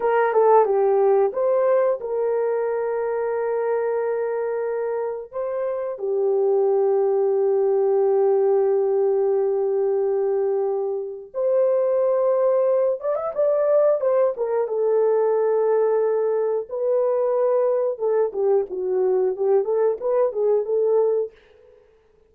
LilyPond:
\new Staff \with { instrumentName = "horn" } { \time 4/4 \tempo 4 = 90 ais'8 a'8 g'4 c''4 ais'4~ | ais'1 | c''4 g'2.~ | g'1~ |
g'4 c''2~ c''8 d''16 e''16 | d''4 c''8 ais'8 a'2~ | a'4 b'2 a'8 g'8 | fis'4 g'8 a'8 b'8 gis'8 a'4 | }